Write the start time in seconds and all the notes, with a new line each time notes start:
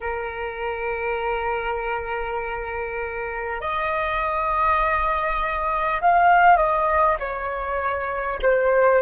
0.00 A#4
3.61 D#5
6.01 F5
6.56 D#5
7.19 C#5
8.42 C5